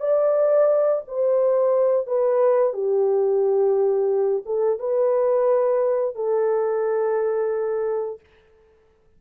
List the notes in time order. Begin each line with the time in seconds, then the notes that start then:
0.00 D5
1.07 C5
2.07 B4
2.73 G4
4.45 A4
4.79 B4
6.15 A4